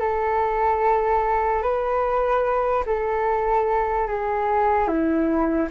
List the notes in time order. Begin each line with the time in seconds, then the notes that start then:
0.00 A4
1.63 B4
2.86 A4
4.08 G#4
4.88 E4